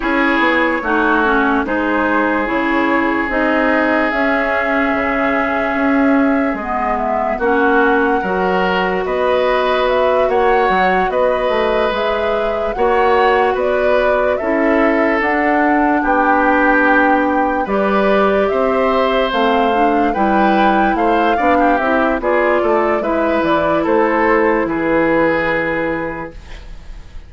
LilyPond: <<
  \new Staff \with { instrumentName = "flute" } { \time 4/4 \tempo 4 = 73 cis''2 c''4 cis''4 | dis''4 e''2. | dis''8 e''8 fis''2 dis''4 | e''8 fis''4 dis''4 e''4 fis''8~ |
fis''8 d''4 e''4 fis''4 g''8~ | g''4. d''4 e''4 f''8~ | f''8 g''4 f''4 e''8 d''4 | e''8 d''8 c''4 b'2 | }
  \new Staff \with { instrumentName = "oboe" } { \time 4/4 gis'4 fis'4 gis'2~ | gis'1~ | gis'4 fis'4 ais'4 b'4~ | b'8 cis''4 b'2 cis''8~ |
cis''8 b'4 a'2 g'8~ | g'4. b'4 c''4.~ | c''8 b'4 c''8 d''16 g'8. gis'8 a'8 | b'4 a'4 gis'2 | }
  \new Staff \with { instrumentName = "clarinet" } { \time 4/4 e'4 dis'8 cis'8 dis'4 e'4 | dis'4 cis'2. | b4 cis'4 fis'2~ | fis'2~ fis'8 gis'4 fis'8~ |
fis'4. e'4 d'4.~ | d'4. g'2 c'8 | d'8 e'4. d'8 e'8 f'4 | e'1 | }
  \new Staff \with { instrumentName = "bassoon" } { \time 4/4 cis'8 b8 a4 gis4 cis4 | c'4 cis'4 cis4 cis'4 | gis4 ais4 fis4 b4~ | b8 ais8 fis8 b8 a8 gis4 ais8~ |
ais8 b4 cis'4 d'4 b8~ | b4. g4 c'4 a8~ | a8 g4 a8 b8 c'8 b8 a8 | gis8 e8 a4 e2 | }
>>